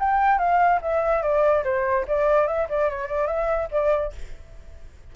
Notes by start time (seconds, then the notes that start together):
0.00 G5
0.39 F5
0.82 E5
1.23 D5
1.65 C5
2.08 D5
2.48 E5
2.70 D5
2.90 C#5
3.08 D5
3.28 E5
3.72 D5